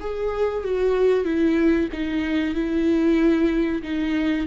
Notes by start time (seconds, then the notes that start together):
0.00 G#4
0.64 F#4
1.24 E4
1.92 D#4
2.54 E4
3.82 D#4